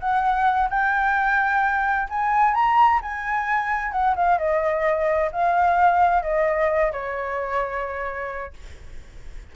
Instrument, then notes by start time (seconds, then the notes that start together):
flute
0.00 F#5
0.70 G5
2.09 G#5
2.54 A#5
3.02 G#5
3.92 F#5
4.16 F5
4.38 D#5
5.32 F5
6.22 D#5
6.92 C#5